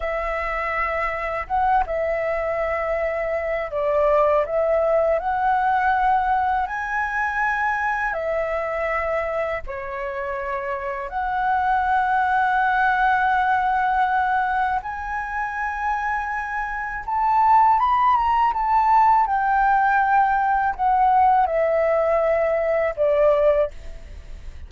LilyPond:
\new Staff \with { instrumentName = "flute" } { \time 4/4 \tempo 4 = 81 e''2 fis''8 e''4.~ | e''4 d''4 e''4 fis''4~ | fis''4 gis''2 e''4~ | e''4 cis''2 fis''4~ |
fis''1 | gis''2. a''4 | b''8 ais''8 a''4 g''2 | fis''4 e''2 d''4 | }